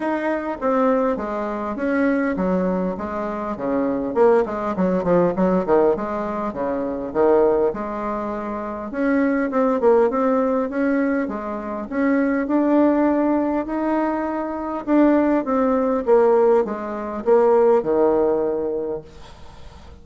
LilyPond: \new Staff \with { instrumentName = "bassoon" } { \time 4/4 \tempo 4 = 101 dis'4 c'4 gis4 cis'4 | fis4 gis4 cis4 ais8 gis8 | fis8 f8 fis8 dis8 gis4 cis4 | dis4 gis2 cis'4 |
c'8 ais8 c'4 cis'4 gis4 | cis'4 d'2 dis'4~ | dis'4 d'4 c'4 ais4 | gis4 ais4 dis2 | }